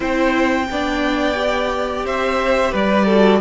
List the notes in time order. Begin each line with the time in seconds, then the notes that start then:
0.00 C4 E4 C5 G5
0.70 B3 D4 D5
1.34 G4
2.04 C4 C5 E5
2.71 G3 B4 D5
3.05 F#4 A4